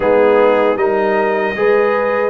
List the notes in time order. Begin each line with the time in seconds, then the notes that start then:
0.00 G#3 B3 D#4 G#4
0.76 G3 D#4 A#4 D#5
1.55 G#3 G#4 B4